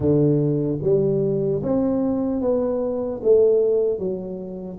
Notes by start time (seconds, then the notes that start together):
0.00 D3
0.82 G3
1.62 C4
2.41 B3
3.23 A3
3.98 F#3